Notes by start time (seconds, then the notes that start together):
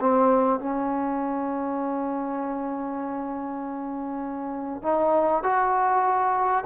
0.00 C4
0.59 C#4
4.82 D#4
5.43 F#4